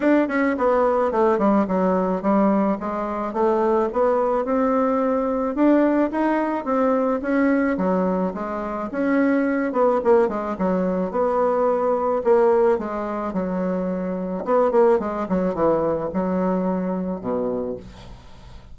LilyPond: \new Staff \with { instrumentName = "bassoon" } { \time 4/4 \tempo 4 = 108 d'8 cis'8 b4 a8 g8 fis4 | g4 gis4 a4 b4 | c'2 d'4 dis'4 | c'4 cis'4 fis4 gis4 |
cis'4. b8 ais8 gis8 fis4 | b2 ais4 gis4 | fis2 b8 ais8 gis8 fis8 | e4 fis2 b,4 | }